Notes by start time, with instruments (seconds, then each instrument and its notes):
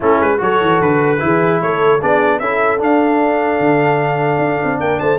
0.00 tuba A3, trombone C#4, horn E4, trumpet A4
0.19 tuba G#3, trumpet B4
0.38 tuba F#3, trombone F#4, horn A4, trumpet C#5
0.61 tuba E3
0.81 tuba D3, trumpet B4
1.19 tuba E3, trombone E4, horn G#4
1.61 tuba A3, horn A4, trumpet C#5
2.00 tuba B3, trombone D4, horn G#4, trumpet D5
2.39 tuba C#4, trombone E4, horn A4, trumpet E5
2.78 trombone D4, tuba D4, trumpet F5
3.59 tuba D3
4.38 tuba D4
4.63 tuba C4
4.79 tuba A#3, horn A#4, trumpet G5
4.99 tuba A3, horn C5, trumpet A5